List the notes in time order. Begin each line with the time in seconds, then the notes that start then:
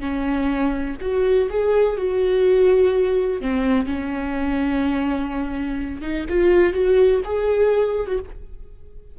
0.00 C#4
1.01 F#4
1.50 G#4
1.97 F#4
3.41 C4
3.86 C#4
6.01 D#4
6.29 F4
6.73 F#4
7.25 G#4
8.07 F#4